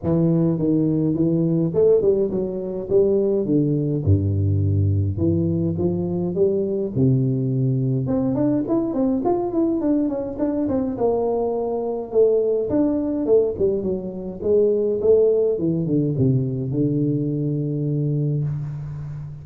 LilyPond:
\new Staff \with { instrumentName = "tuba" } { \time 4/4 \tempo 4 = 104 e4 dis4 e4 a8 g8 | fis4 g4 d4 g,4~ | g,4 e4 f4 g4 | c2 c'8 d'8 e'8 c'8 |
f'8 e'8 d'8 cis'8 d'8 c'8 ais4~ | ais4 a4 d'4 a8 g8 | fis4 gis4 a4 e8 d8 | c4 d2. | }